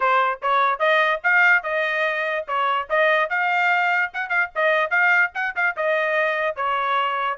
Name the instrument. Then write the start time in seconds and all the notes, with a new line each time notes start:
trumpet
0.00 C5
0.42 C#5
0.79 D#5
1.23 F5
1.63 D#5
2.47 C#5
2.89 D#5
3.29 F5
4.13 F#5
4.29 F5
4.55 D#5
4.90 F5
5.34 F#5
5.55 F5
5.76 D#5
6.55 C#5